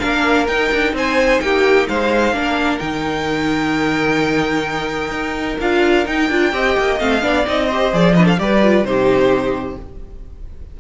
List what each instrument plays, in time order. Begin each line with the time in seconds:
0.00 cello A#3, viola D4, violin A#4 F5
0.48 viola D#4, cello D#4, violin G5
0.73 cello D4
0.93 cello C4, violin C5 G#5
1.41 cello A#3, violin G4 G5
1.89 cello G#3, violin C5 F5
2.33 cello A#3, viola D4, violin A#4
2.79 cello D#3, viola D#4, violin G5
5.11 cello D#4
5.61 cello D4, viola F4, violin F5
6.06 viola D#4, cello D#4, violin G5
6.30 cello D4, viola F4
6.53 cello C4, viola G4, violin D#5
6.79 cello A#3
6.99 cello A3, viola C4, violin F5
7.22 cello B3, viola D4, violin D5
7.46 cello C4, viola D#4, violin D#5
7.67 viola G4, violin C5
7.93 cello F3, viola G#4, violin D5
8.15 viola D4, violin B4 D#5
8.25 violin A4 F5
8.38 cello G3, viola G4, violin B4 D5
8.63 viola F4
8.84 cello C3, viola D#4, violin G4 C5